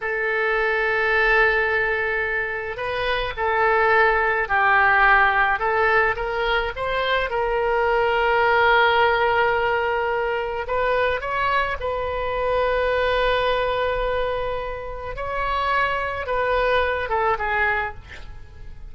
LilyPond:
\new Staff \with { instrumentName = "oboe" } { \time 4/4 \tempo 4 = 107 a'1~ | a'4 b'4 a'2 | g'2 a'4 ais'4 | c''4 ais'2.~ |
ais'2. b'4 | cis''4 b'2.~ | b'2. cis''4~ | cis''4 b'4. a'8 gis'4 | }